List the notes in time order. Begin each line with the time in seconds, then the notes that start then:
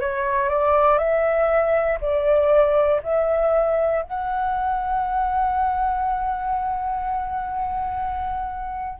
0.00 C#5
0.49 D5
0.98 E5
2.01 D5
3.03 E5
4.03 F#5